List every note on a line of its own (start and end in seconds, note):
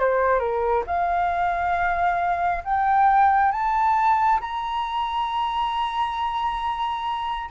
0.00 0.39 C5
0.39 0.83 A#4
0.87 2.64 F5
2.64 3.52 G5
3.52 4.40 A5
4.41 7.50 A#5